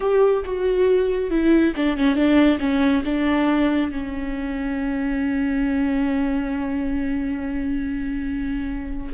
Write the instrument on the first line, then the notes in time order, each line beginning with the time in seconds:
viola
0.00 G4
0.44 F#4
1.30 E4
1.75 D4
1.96 C#4
2.15 D4
2.59 C#4
3.04 D4
3.91 C#4